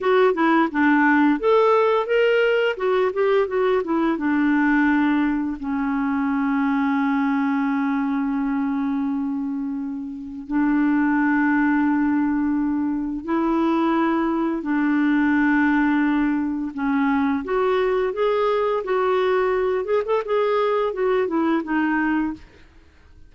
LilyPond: \new Staff \with { instrumentName = "clarinet" } { \time 4/4 \tempo 4 = 86 fis'8 e'8 d'4 a'4 ais'4 | fis'8 g'8 fis'8 e'8 d'2 | cis'1~ | cis'2. d'4~ |
d'2. e'4~ | e'4 d'2. | cis'4 fis'4 gis'4 fis'4~ | fis'8 gis'16 a'16 gis'4 fis'8 e'8 dis'4 | }